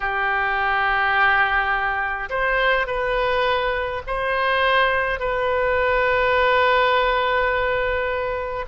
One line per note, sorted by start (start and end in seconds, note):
0.00 2.29 G4
2.29 2.87 C5
2.87 4.02 B4
4.06 5.19 C5
5.19 8.65 B4